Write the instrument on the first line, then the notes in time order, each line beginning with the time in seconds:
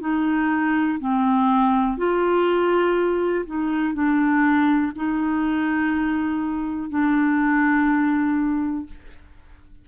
clarinet
0.00 D#4
0.99 C4
1.97 F4
3.46 D#4
3.93 D4
4.95 D#4
6.89 D4